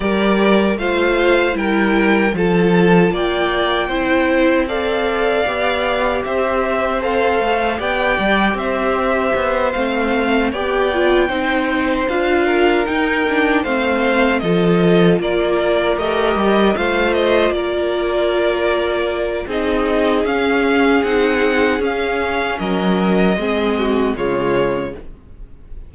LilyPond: <<
  \new Staff \with { instrumentName = "violin" } { \time 4/4 \tempo 4 = 77 d''4 f''4 g''4 a''4 | g''2 f''2 | e''4 f''4 g''4 e''4~ | e''8 f''4 g''2 f''8~ |
f''8 g''4 f''4 dis''4 d''8~ | d''8 dis''4 f''8 dis''8 d''4.~ | d''4 dis''4 f''4 fis''4 | f''4 dis''2 cis''4 | }
  \new Staff \with { instrumentName = "violin" } { \time 4/4 ais'4 c''4 ais'4 a'4 | d''4 c''4 d''2 | c''2 d''4 c''4~ | c''4. d''4 c''4. |
ais'4. c''4 a'4 ais'8~ | ais'4. c''4 ais'4.~ | ais'4 gis'2.~ | gis'4 ais'4 gis'8 fis'8 f'4 | }
  \new Staff \with { instrumentName = "viola" } { \time 4/4 g'4 f'4 e'4 f'4~ | f'4 e'4 a'4 g'4~ | g'4 a'4 g'2~ | g'8 c'4 g'8 f'8 dis'4 f'8~ |
f'8 dis'8 d'8 c'4 f'4.~ | f'8 g'4 f'2~ f'8~ | f'4 dis'4 cis'4 dis'4 | cis'2 c'4 gis4 | }
  \new Staff \with { instrumentName = "cello" } { \time 4/4 g4 a4 g4 f4 | ais4 c'2 b4 | c'4. a8 b8 g8 c'4 | b8 a4 b4 c'4 d'8~ |
d'8 dis'4 a4 f4 ais8~ | ais8 a8 g8 a4 ais4.~ | ais4 c'4 cis'4 c'4 | cis'4 fis4 gis4 cis4 | }
>>